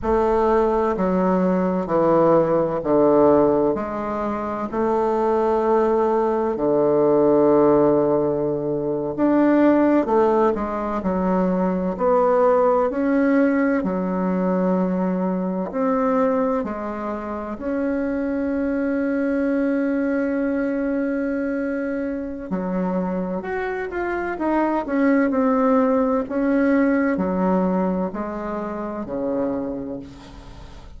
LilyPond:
\new Staff \with { instrumentName = "bassoon" } { \time 4/4 \tempo 4 = 64 a4 fis4 e4 d4 | gis4 a2 d4~ | d4.~ d16 d'4 a8 gis8 fis16~ | fis8. b4 cis'4 fis4~ fis16~ |
fis8. c'4 gis4 cis'4~ cis'16~ | cis'1 | fis4 fis'8 f'8 dis'8 cis'8 c'4 | cis'4 fis4 gis4 cis4 | }